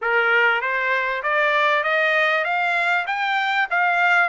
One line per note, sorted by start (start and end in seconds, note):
0.01 0.61 A#4
0.61 1.22 C5
1.22 1.83 D5
1.83 2.44 D#5
2.44 3.05 F5
3.06 3.67 G5
3.70 4.29 F5